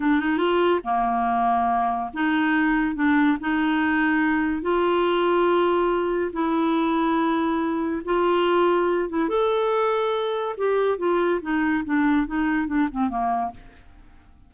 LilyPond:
\new Staff \with { instrumentName = "clarinet" } { \time 4/4 \tempo 4 = 142 d'8 dis'8 f'4 ais2~ | ais4 dis'2 d'4 | dis'2. f'4~ | f'2. e'4~ |
e'2. f'4~ | f'4. e'8 a'2~ | a'4 g'4 f'4 dis'4 | d'4 dis'4 d'8 c'8 ais4 | }